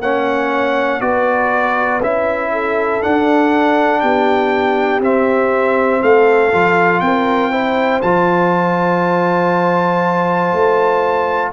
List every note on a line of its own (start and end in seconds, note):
0.00 1.00 A#3
0.00 1.01 C#4
0.00 1.01 C#5
0.00 1.01 F#5
1.01 2.01 B3
1.01 2.01 F#4
1.01 2.52 B4
1.01 2.01 D5
2.01 3.01 C#4
2.01 3.02 E4
2.01 3.03 E5
2.52 4.02 A4
3.02 5.02 D4
3.02 4.03 D4
3.02 4.01 F#5
4.01 5.01 B3
4.01 6.01 G4
4.01 5.01 G5
5.01 6.01 C4
5.01 6.52 C4
5.01 6.03 E5
6.01 6.53 A3
6.01 7.01 A4
6.01 7.00 F5
6.53 7.01 F3
6.53 7.51 F4
7.00 8.01 C4
7.00 7.51 A#4
7.00 8.00 G5
7.51 8.01 E4
7.51 11.51 C5
8.02 10.53 F3
8.02 11.53 F4
8.02 11.52 A5
10.53 11.53 A3